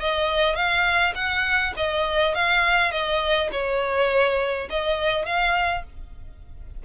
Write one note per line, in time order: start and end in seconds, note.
0.00 0.55 D#5
0.55 1.13 F5
1.15 1.73 F#5
1.76 2.34 D#5
2.34 2.91 F5
2.91 3.49 D#5
3.51 4.68 C#5
4.69 5.25 D#5
5.25 5.83 F5